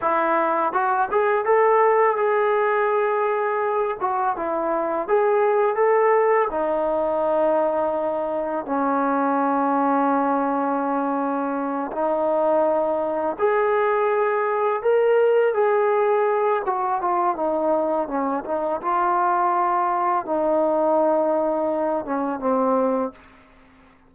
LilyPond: \new Staff \with { instrumentName = "trombone" } { \time 4/4 \tempo 4 = 83 e'4 fis'8 gis'8 a'4 gis'4~ | gis'4. fis'8 e'4 gis'4 | a'4 dis'2. | cis'1~ |
cis'8 dis'2 gis'4.~ | gis'8 ais'4 gis'4. fis'8 f'8 | dis'4 cis'8 dis'8 f'2 | dis'2~ dis'8 cis'8 c'4 | }